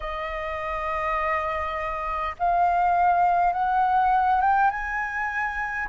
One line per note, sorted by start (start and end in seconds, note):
0.00 2.35 D#5
2.39 3.52 F5
3.52 4.41 F#5
4.41 4.70 G5
4.70 5.88 G#5